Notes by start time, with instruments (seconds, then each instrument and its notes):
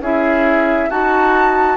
0.00 bassoon C#4, clarinet E4, oboe G#4, flute E5
0.89 bassoon D#4, oboe F#4, clarinet F#4, flute A5